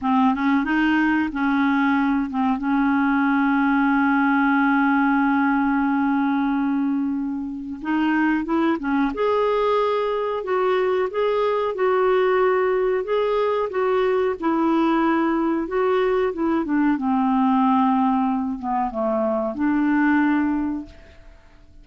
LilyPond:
\new Staff \with { instrumentName = "clarinet" } { \time 4/4 \tempo 4 = 92 c'8 cis'8 dis'4 cis'4. c'8 | cis'1~ | cis'1 | dis'4 e'8 cis'8 gis'2 |
fis'4 gis'4 fis'2 | gis'4 fis'4 e'2 | fis'4 e'8 d'8 c'2~ | c'8 b8 a4 d'2 | }